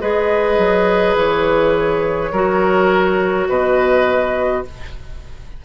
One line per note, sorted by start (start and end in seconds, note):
0.00 0.58 G#3
0.00 2.32 G#4
0.00 2.31 B4
0.00 1.15 D#5
0.58 1.15 F#3
1.15 2.31 E3
1.15 3.48 C#5
2.32 3.47 F#3
2.32 4.65 F#4
2.32 3.48 A#4
3.48 4.64 B2
3.48 4.64 B4
3.48 4.63 D#5